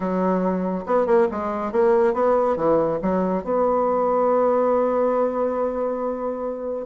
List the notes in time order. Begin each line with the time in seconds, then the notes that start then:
0.00 F#3
0.86 B3
1.06 A#3
1.31 G#3
1.72 A#3
2.13 B3
2.56 E3
3.02 F#3
3.44 B3